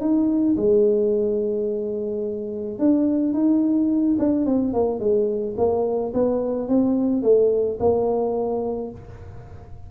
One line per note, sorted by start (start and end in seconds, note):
0.00 0.56 D#4
0.56 2.78 G#3
2.78 3.33 D4
3.33 4.16 D#4
4.18 4.45 D4
4.45 4.73 C4
4.73 4.99 A#3
4.99 5.55 G#3
5.57 6.12 A#3
6.13 6.68 B3
6.68 7.22 C4
7.22 7.78 A3
7.79 8.90 A#3